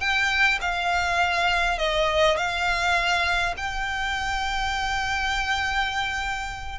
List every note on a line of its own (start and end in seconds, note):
0.00 0.59 G5
0.61 1.78 F5
1.78 2.37 D#5
2.37 3.54 F5
3.57 6.79 G5